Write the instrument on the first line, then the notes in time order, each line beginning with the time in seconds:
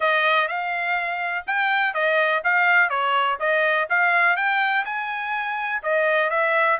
trumpet
0.00 D#5
0.48 F5
1.46 G5
1.94 D#5
2.43 F5
2.89 C#5
3.39 D#5
3.89 F5
4.36 G5
4.85 G#5
5.82 D#5
6.30 E5